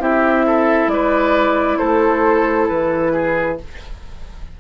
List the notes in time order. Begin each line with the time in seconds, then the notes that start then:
0.00 C4 E4 G4 E5
0.47 A4
0.87 G#3 B4 D5
1.78 A3 A4 C5
2.68 E3 B4
3.13 G#4